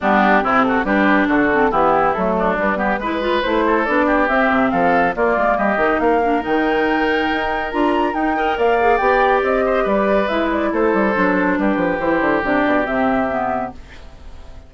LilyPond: <<
  \new Staff \with { instrumentName = "flute" } { \time 4/4 \tempo 4 = 140 g'4. a'8 b'4 a'4 | g'4 a'4 b'2 | c''4 d''4 e''4 f''4 | d''4 dis''4 f''4 g''4~ |
g''2 ais''4 g''4 | f''4 g''4 dis''4 d''4 | e''8 d''8 c''2 b'4 | c''4 d''4 e''2 | }
  \new Staff \with { instrumentName = "oboe" } { \time 4/4 d'4 e'8 fis'8 g'4 fis'4 | e'4. d'4 g'8 b'4~ | b'8 a'4 g'4. a'4 | f'4 g'4 ais'2~ |
ais'2.~ ais'8 dis''8 | d''2~ d''8 c''8 b'4~ | b'4 a'2 g'4~ | g'1 | }
  \new Staff \with { instrumentName = "clarinet" } { \time 4/4 b4 c'4 d'4. c'8 | b4 a4 g8 b8 e'8 f'8 | e'4 d'4 c'2 | ais4. dis'4 d'8 dis'4~ |
dis'2 f'4 dis'8 ais'8~ | ais'8 gis'8 g'2. | e'2 d'2 | e'4 d'4 c'4 b4 | }
  \new Staff \with { instrumentName = "bassoon" } { \time 4/4 g4 c4 g4 d4 | e4 fis4 g4 gis4 | a4 b4 c'8 c8 f4 | ais8 gis8 g8 dis8 ais4 dis4~ |
dis4 dis'4 d'4 dis'4 | ais4 b4 c'4 g4 | gis4 a8 g8 fis4 g8 f8 | e8 d8 c8 b,8 c2 | }
>>